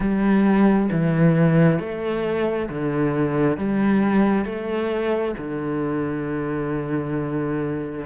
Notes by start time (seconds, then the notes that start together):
0.00 G3
0.91 E3
1.79 A3
2.69 D3
3.57 G3
4.45 A3
5.38 D3